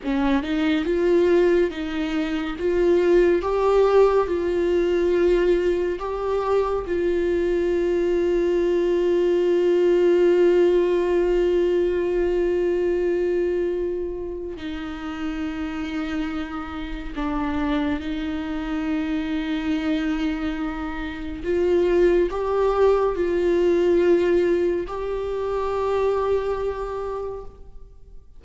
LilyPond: \new Staff \with { instrumentName = "viola" } { \time 4/4 \tempo 4 = 70 cis'8 dis'8 f'4 dis'4 f'4 | g'4 f'2 g'4 | f'1~ | f'1~ |
f'4 dis'2. | d'4 dis'2.~ | dis'4 f'4 g'4 f'4~ | f'4 g'2. | }